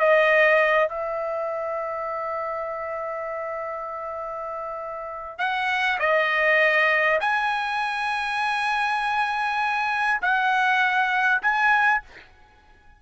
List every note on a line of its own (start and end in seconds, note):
0.00 0.89 D#5
0.89 5.39 E5
5.39 5.99 F#5
6.00 7.20 D#5
7.21 10.21 G#5
10.22 11.42 F#5
11.42 12.02 G#5